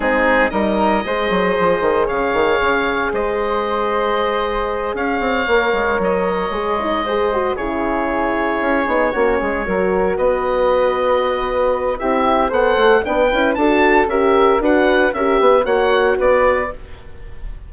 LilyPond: <<
  \new Staff \with { instrumentName = "oboe" } { \time 4/4 \tempo 4 = 115 gis'4 dis''2. | f''2 dis''2~ | dis''4. f''2 dis''8~ | dis''2~ dis''8 cis''4.~ |
cis''2.~ cis''8 dis''8~ | dis''2. e''4 | fis''4 g''4 a''4 e''4 | fis''4 e''4 fis''4 d''4 | }
  \new Staff \with { instrumentName = "flute" } { \time 4/4 dis'4 ais'4 c''2 | cis''2 c''2~ | c''4. cis''2~ cis''8~ | cis''4. c''4 gis'4.~ |
gis'4. fis'8 gis'8 ais'4 b'8~ | b'2. g'4 | c''4 b'4 a'4 ais'4 | b'4 ais'8 b'8 cis''4 b'4 | }
  \new Staff \with { instrumentName = "horn" } { \time 4/4 c'4 dis'4 gis'2~ | gis'1~ | gis'2~ gis'8 ais'4.~ | ais'8 gis'8 dis'8 gis'8 fis'8 e'4.~ |
e'4 dis'8 cis'4 fis'4.~ | fis'2. e'4 | a'4 d'8 e'8 fis'4 g'4 | fis'4 g'4 fis'2 | }
  \new Staff \with { instrumentName = "bassoon" } { \time 4/4 gis4 g4 gis8 fis8 f8 dis8 | cis8 dis8 cis4 gis2~ | gis4. cis'8 c'8 ais8 gis8 fis8~ | fis8 gis2 cis4.~ |
cis8 cis'8 b8 ais8 gis8 fis4 b8~ | b2. c'4 | b8 a8 b8 cis'8 d'4 cis'4 | d'4 cis'8 b8 ais4 b4 | }
>>